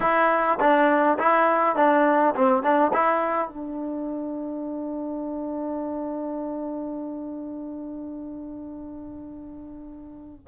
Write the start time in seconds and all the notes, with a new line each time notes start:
0.00 E4
0.60 D4
1.18 E4
1.76 D4
2.35 C4
2.62 D4
2.93 E4
3.48 D4